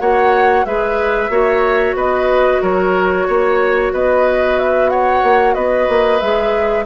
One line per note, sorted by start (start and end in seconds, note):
0.00 0.65 A#3
0.00 0.65 F#4
0.00 0.66 C#5
0.00 0.65 F#5
0.65 1.29 G#3
0.65 1.30 G#4
0.65 1.31 B4
0.65 1.96 E5
1.29 1.94 A#3
1.29 6.19 F#4
1.29 1.96 C#5
1.94 2.60 B3
1.94 2.62 B4
1.94 2.62 D#5
2.62 3.27 F#3
2.62 3.27 A#4
2.62 3.93 C#5
3.28 3.93 A#3
3.28 3.93 C#5
3.93 5.23 B3
3.93 4.91 B4
3.93 4.59 D#5
4.59 4.90 E5
4.90 5.54 C#5
4.90 5.54 F#5
5.23 5.55 A#3
5.54 5.88 B3
5.54 6.85 B4
5.54 6.20 D#5
5.89 6.21 A#3
6.20 6.86 G#3
6.20 6.86 G#4
6.20 6.85 E5